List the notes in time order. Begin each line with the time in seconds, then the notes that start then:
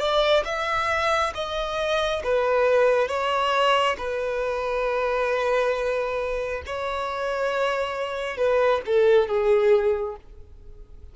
0.00 D5
0.45 E5
1.35 D#5
2.24 B4
3.08 C#5
3.98 B4
6.67 C#5
8.37 B4
8.86 A4
9.28 G#4